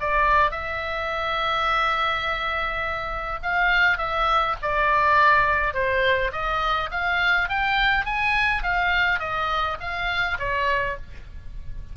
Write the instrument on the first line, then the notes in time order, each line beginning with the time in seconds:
oboe
0.00 D5
0.51 E5
3.42 F5
3.98 E5
4.62 D5
5.74 C5
6.32 D#5
6.91 F5
7.49 G5
8.05 G#5
8.62 F5
9.19 D#5
9.80 F5
10.39 C#5